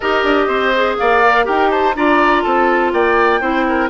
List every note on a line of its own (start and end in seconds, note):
0.00 0.23 D#4
0.00 0.74 G4
0.00 0.46 A#4
0.00 0.96 D#5
0.23 0.48 D4
0.47 0.97 C4
0.47 0.96 C5
0.74 1.23 G#4
0.97 1.47 A#3
0.97 1.45 D5
0.97 1.46 F5
1.24 1.44 A#4
1.44 1.95 D#4
1.44 1.93 G4
1.44 1.69 A#4
1.44 1.71 G5
1.71 1.95 C5
1.71 1.95 A5
1.95 2.44 D4
1.95 3.41 F4
1.95 2.43 D5
1.95 2.42 A#5
2.42 2.93 C4
2.42 2.91 A4
2.42 2.91 A5
2.93 3.40 A#3
2.93 3.40 D5
2.93 3.89 G5
3.40 3.89 C4
3.40 3.89 E4
3.40 3.65 C5
3.68 3.89 A#4